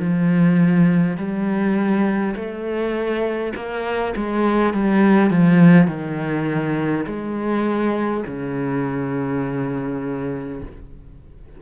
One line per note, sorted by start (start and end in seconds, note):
0.00 1.17 F3
1.17 2.35 G3
2.36 3.53 A3
3.56 4.14 A#3
4.17 4.74 G#3
4.74 5.30 G3
5.30 5.88 F3
5.88 7.05 D#3
7.06 8.24 G#3
8.27 10.63 C#3